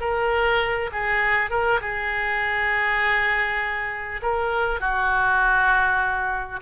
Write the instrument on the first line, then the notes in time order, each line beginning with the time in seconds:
oboe
0.00 A#4
0.92 G#4
1.50 A#4
1.81 G#4
4.22 A#4
4.80 F#4